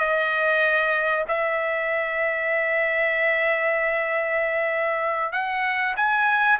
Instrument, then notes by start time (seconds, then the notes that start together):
trumpet
0.00 D#5
1.28 E5
5.33 F#5
5.97 G#5